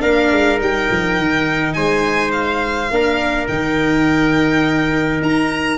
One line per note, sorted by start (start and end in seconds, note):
0.00 0.31 A#3
0.00 0.58 D4
0.00 1.75 A#4
0.00 0.58 F5
0.31 0.60 G#3
0.58 0.89 G3
0.58 2.88 D#4
0.58 1.73 G5
0.90 1.18 F3
1.18 1.76 D#3
1.73 2.90 G#3
1.73 2.91 C5
1.73 2.31 G#5
2.31 3.46 F5
2.90 3.48 A#3
2.90 3.49 D4
2.90 5.77 A#4
3.47 5.21 D#3
3.47 5.77 D#4
3.47 5.20 G5
5.21 5.77 D#4
5.21 5.77 A#5